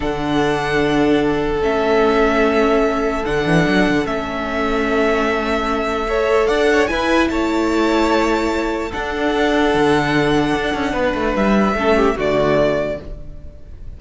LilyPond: <<
  \new Staff \with { instrumentName = "violin" } { \time 4/4 \tempo 4 = 148 fis''1 | e''1 | fis''2 e''2~ | e''1 |
fis''4 gis''4 a''2~ | a''2 fis''2~ | fis''1 | e''2 d''2 | }
  \new Staff \with { instrumentName = "violin" } { \time 4/4 a'1~ | a'1~ | a'1~ | a'2. cis''4 |
d''8 cis''8 b'4 cis''2~ | cis''2 a'2~ | a'2. b'4~ | b'4 a'8 g'8 fis'2 | }
  \new Staff \with { instrumentName = "viola" } { \time 4/4 d'1 | cis'1 | d'2 cis'2~ | cis'2. a'4~ |
a'4 e'2.~ | e'2 d'2~ | d'1~ | d'4 cis'4 a2 | }
  \new Staff \with { instrumentName = "cello" } { \time 4/4 d1 | a1 | d8 e8 fis8 d8 a2~ | a1 |
d'4 e'4 a2~ | a2 d'2 | d2 d'8 cis'8 b8 a8 | g4 a4 d2 | }
>>